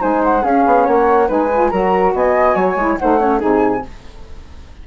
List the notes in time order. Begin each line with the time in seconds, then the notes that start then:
0.00 G#3 D#4 C5 G#5
0.24 F#5
0.42 C#4 G#4 F5
0.66 B3
0.84 A#3 C#5 F#5
1.27 G#3 D#4 B4 G#5
1.52 F4
1.70 F#3 F#4 A#4 A#5
2.13 B3 D#5 G#5
2.55 F#3 C#5
2.75 G#3 E4
2.98 A3 D#4 C5 F#5
3.19 C#4 C#5
3.39 C3 D#4 G#4 G#5